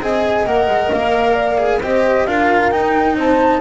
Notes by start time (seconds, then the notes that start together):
0.00 C4 G#4 D#5 G#5
0.45 A#3 A#4 F#5
0.67 G#3
0.91 A#3 F5
1.33 D5
1.58 G#4
1.81 C4 G4 C5 D#5
2.26 D4 F4 A#4 F5
2.71 D#4 G5
3.15 C4 C5 A5